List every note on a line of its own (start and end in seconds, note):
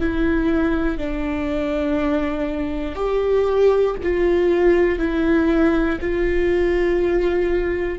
0.00 0.98 E4
0.98 2.95 D4
2.95 3.95 G4
4.03 4.98 F4
4.98 5.98 E4
6.00 7.98 F4